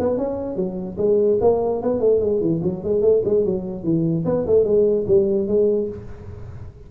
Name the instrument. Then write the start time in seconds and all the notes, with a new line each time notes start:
tuba
0.00 B3
0.18 C#4
0.56 F#3
0.98 G#3
1.41 A#3
1.82 B3
2.00 A3
2.21 G#3
2.41 E3
2.64 F#3
2.84 G#3
3.02 A3
3.25 G#3
3.45 F#3
3.84 E3
4.26 B3
4.47 A3
4.65 G#3
5.08 G3
5.48 G#3